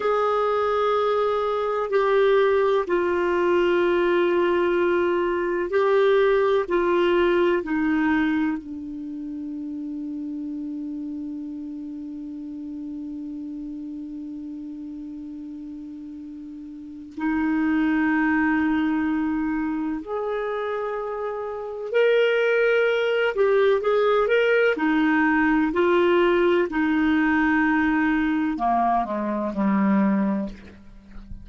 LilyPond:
\new Staff \with { instrumentName = "clarinet" } { \time 4/4 \tempo 4 = 63 gis'2 g'4 f'4~ | f'2 g'4 f'4 | dis'4 d'2.~ | d'1~ |
d'2 dis'2~ | dis'4 gis'2 ais'4~ | ais'8 g'8 gis'8 ais'8 dis'4 f'4 | dis'2 ais8 gis8 g4 | }